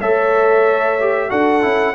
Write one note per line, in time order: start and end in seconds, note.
0.00 1.31 A3
0.00 0.99 A4
0.00 1.29 C#5
0.00 1.30 E5
1.00 1.30 G4
1.29 1.64 D4
1.29 1.62 F#4
1.29 1.94 A4
1.29 1.95 F#5
1.62 1.95 C#4
1.62 1.94 E4